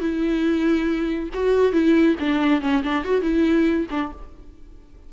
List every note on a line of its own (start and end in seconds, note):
0.00 1.29 E4
1.33 1.72 F#4
1.72 2.16 E4
2.20 2.61 D4
2.61 2.83 C#4
2.83 3.04 D4
3.04 3.22 F#4
3.22 3.87 E4
3.90 4.12 D4